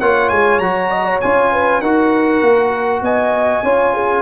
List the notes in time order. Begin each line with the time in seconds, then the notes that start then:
0.00 A#3 F4 C#5 F#5
0.30 G#3 G#5
0.59 F#3 F#4 A#5
0.91 D#5
1.06 C#5
1.21 C#4 F4 G#5
1.52 B4
1.82 D#4 F#4 A#4 F#5
2.42 A#3
3.02 B3 D#5 G#5
3.64 C#4 F4 C#5
3.95 G#4